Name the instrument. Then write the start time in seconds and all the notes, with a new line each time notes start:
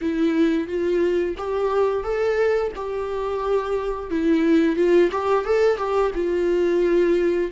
viola
0.01 E4
0.67 F4
1.37 G4
2.03 A4
2.75 G4
4.10 E4
4.75 F4
5.11 G4
5.45 A4
5.77 G4
6.15 F4